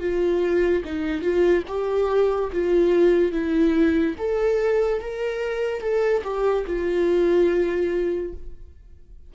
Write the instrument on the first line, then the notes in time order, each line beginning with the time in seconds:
viola
0.00 F4
0.85 D#4
1.22 F4
1.68 G4
2.53 F4
3.32 E4
4.18 A4
5.02 A#4
5.81 A4
6.24 G4
6.67 F4